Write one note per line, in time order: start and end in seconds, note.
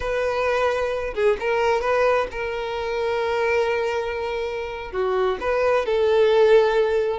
0.00 1.13 B4
1.14 1.37 G#4
1.39 1.81 A#4
1.81 2.27 B4
2.31 4.92 A#4
4.92 5.38 F#4
5.40 5.85 B4
5.85 7.19 A4